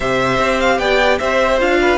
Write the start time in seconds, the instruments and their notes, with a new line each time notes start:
0.00 cello C3, viola G4, violin C5 E5
0.38 cello C4
0.59 violin F5
0.78 cello B3, violin D5 G5
1.19 cello C4, violin C5 E5
1.59 cello D4, viola F4, violin F5
1.81 violin B4